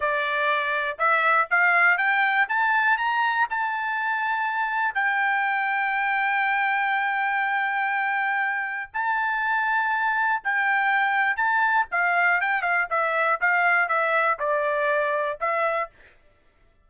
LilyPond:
\new Staff \with { instrumentName = "trumpet" } { \time 4/4 \tempo 4 = 121 d''2 e''4 f''4 | g''4 a''4 ais''4 a''4~ | a''2 g''2~ | g''1~ |
g''2 a''2~ | a''4 g''2 a''4 | f''4 g''8 f''8 e''4 f''4 | e''4 d''2 e''4 | }